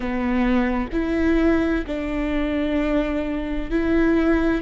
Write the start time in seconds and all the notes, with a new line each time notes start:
0.00 B3
0.92 E4
1.87 D4
3.70 E4